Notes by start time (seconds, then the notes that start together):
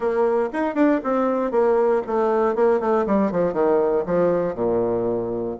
0.00 A#3
0.52 D#4
0.74 D4
1.03 C4
1.51 A#3
2.06 A3
2.55 A#3
2.80 A3
3.06 G3
3.31 F3
3.53 D#3
4.05 F3
4.55 A#2